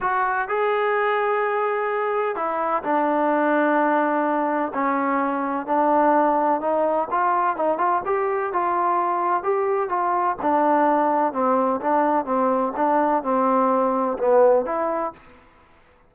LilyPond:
\new Staff \with { instrumentName = "trombone" } { \time 4/4 \tempo 4 = 127 fis'4 gis'2.~ | gis'4 e'4 d'2~ | d'2 cis'2 | d'2 dis'4 f'4 |
dis'8 f'8 g'4 f'2 | g'4 f'4 d'2 | c'4 d'4 c'4 d'4 | c'2 b4 e'4 | }